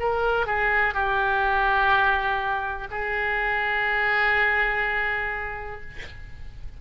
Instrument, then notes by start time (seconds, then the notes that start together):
oboe
0.00 A#4
0.47 G#4
0.94 G4
2.91 G#4